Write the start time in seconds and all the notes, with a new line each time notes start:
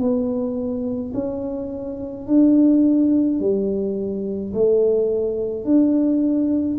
0.00 B3
1.14 C#4
2.27 D4
3.40 G3
4.54 A3
5.65 D4